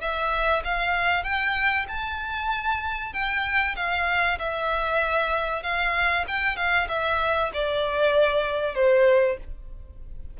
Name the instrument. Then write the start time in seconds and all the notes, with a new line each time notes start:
violin
0.00 E5
0.64 F5
1.23 G5
1.88 A5
3.13 G5
3.76 F5
4.39 E5
5.62 F5
6.27 G5
6.56 F5
6.88 E5
7.53 D5
8.74 C5